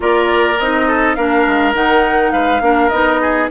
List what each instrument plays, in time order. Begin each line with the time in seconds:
0.00 bassoon A#3, clarinet F4, oboe A#4, flute D5
0.58 bassoon C4, clarinet D#4, flute D#5
0.87 oboe A4
1.14 bassoon A#3, clarinet D4, oboe A#4, flute F5
1.47 bassoon G#3
1.74 bassoon D#3, clarinet D#4, flute F#5
2.31 bassoon G#3, oboe B4, flute F5
2.61 bassoon A#3, clarinet D4, oboe A#4
2.89 bassoon B3, clarinet D#4, flute D#5
3.21 oboe G#4